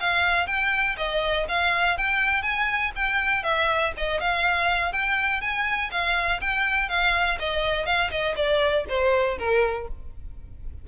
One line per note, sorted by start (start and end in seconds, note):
0.00 0.47 F5
0.47 0.96 G5
0.97 1.46 D#5
1.48 1.97 F5
1.97 2.42 G5
2.42 2.92 G#5
2.96 3.43 G5
3.43 3.92 E5
3.97 4.20 D#5
4.20 4.92 F5
4.92 5.41 G5
5.41 5.90 G#5
5.91 6.40 F5
6.41 6.89 G5
6.89 7.38 F5
7.39 7.86 D#5
7.86 8.10 F5
8.11 8.35 D#5
8.36 8.85 D5
8.89 9.38 C5
9.38 9.87 A#4